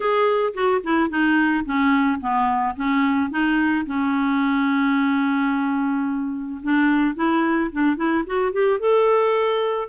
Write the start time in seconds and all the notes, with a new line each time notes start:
0.00 G#4
0.54 F#4
0.83 E4
1.10 D#4
1.65 C#4
2.20 B3
2.75 C#4
3.30 D#4
3.86 C#4
6.62 D4
7.15 E4
7.72 D4
7.96 E4
8.26 F#4
8.52 G4
8.79 A4